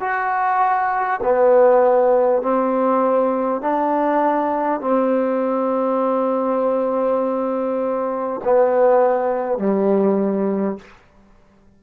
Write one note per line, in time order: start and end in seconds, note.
0.00 1.20 F#4
1.23 2.42 B3
2.42 3.61 C4
3.61 4.81 D4
4.81 8.41 C4
8.44 9.58 B3
9.58 10.78 G3